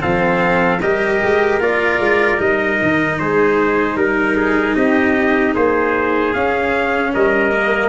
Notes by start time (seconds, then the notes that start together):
0.00 F3 C4 A4 F5
0.81 G3 G4 A#4 D#5
1.23 G#3
1.60 A#3 F4 D5
1.99 G#3
2.37 G3 D#4 D#5
2.82 D#3
3.19 G#3 G#4 C5
3.96 G3 A#4
4.37 G#4
4.75 C4 G4 D#5
5.55 A#3 G#4 C5
6.34 C#4 F5
7.14 G3 A#4 D#5
7.52 A#3